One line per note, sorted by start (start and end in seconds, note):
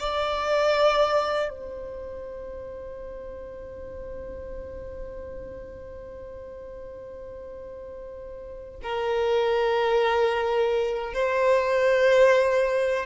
0.00 1.49 D5
1.49 8.80 C5
8.83 11.14 A#4
11.14 13.06 C5